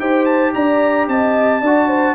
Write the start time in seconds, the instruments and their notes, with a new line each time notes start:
0.00 tuba D#4, trombone G4, horn C5, trumpet G5
0.26 trumpet A5
0.54 tuba D4, horn D5, trumpet A#5
1.08 tuba C4, horn D#5, trumpet A5
1.61 tuba D4, trombone F#4, horn D5
1.88 horn C5